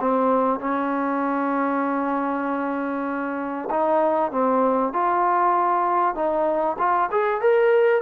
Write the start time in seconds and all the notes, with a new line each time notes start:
0.00 C4
0.60 C#4
3.70 D#4
4.31 C4
4.93 F4
6.15 D#4
6.79 F4
7.11 G#4
7.41 A#4